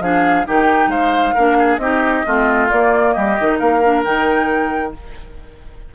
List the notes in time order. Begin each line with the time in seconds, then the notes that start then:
0.00 F3 D4 G#4 F5
0.46 D#3 D#4 G4 G5
0.88 G#3 C5 F5
1.35 A#3 D4 A#4
1.59 G#4
1.78 C4 D#4 G4 D#5
2.26 A3 C4 F4
2.70 A#3 D5
3.13 G3 G4 D#5
3.39 D#3 D#4
3.59 A#3 A#4 F5
3.83 D4
4.04 D#3 D#4 G5